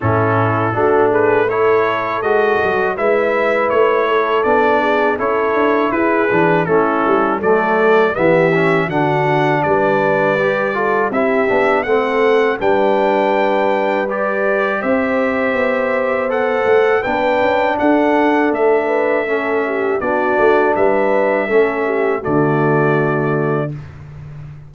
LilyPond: <<
  \new Staff \with { instrumentName = "trumpet" } { \time 4/4 \tempo 4 = 81 a'4. b'8 cis''4 dis''4 | e''4 cis''4 d''4 cis''4 | b'4 a'4 d''4 e''4 | fis''4 d''2 e''4 |
fis''4 g''2 d''4 | e''2 fis''4 g''4 | fis''4 e''2 d''4 | e''2 d''2 | }
  \new Staff \with { instrumentName = "horn" } { \time 4/4 e'4 fis'8 gis'8 a'2 | b'4. a'4 gis'8 a'4 | gis'4 e'4 a'4 g'4 | fis'4 b'4. a'8 g'4 |
a'4 b'2. | c''2. b'4 | a'4. b'8 a'8 g'8 fis'4 | b'4 a'8 g'8 fis'2 | }
  \new Staff \with { instrumentName = "trombone" } { \time 4/4 cis'4 d'4 e'4 fis'4 | e'2 d'4 e'4~ | e'8 d'8 cis'4 a4 b8 cis'8 | d'2 g'8 f'8 e'8 d'8 |
c'4 d'2 g'4~ | g'2 a'4 d'4~ | d'2 cis'4 d'4~ | d'4 cis'4 a2 | }
  \new Staff \with { instrumentName = "tuba" } { \time 4/4 a,4 a2 gis8 fis8 | gis4 a4 b4 cis'8 d'8 | e'8 e8 a8 g8 fis4 e4 | d4 g2 c'8 b8 |
a4 g2. | c'4 b4. a8 b8 cis'8 | d'4 a2 b8 a8 | g4 a4 d2 | }
>>